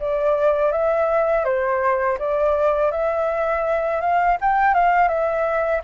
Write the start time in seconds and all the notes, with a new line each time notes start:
0.00 D5
0.72 E5
1.45 C5
2.19 D5
2.91 E5
4.01 F5
4.41 G5
4.74 F5
5.08 E5